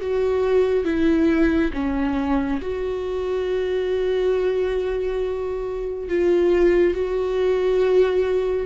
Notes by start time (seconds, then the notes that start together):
0.00 F#4
0.84 E4
1.73 C#4
2.61 F#4
6.08 F4
6.94 F#4